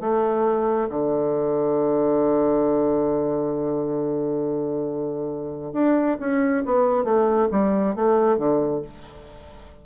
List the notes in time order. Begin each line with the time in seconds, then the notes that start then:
0.00 A3
0.89 D3
5.73 D4
6.19 C#4
6.65 B3
7.04 A3
7.51 G3
7.95 A3
8.37 D3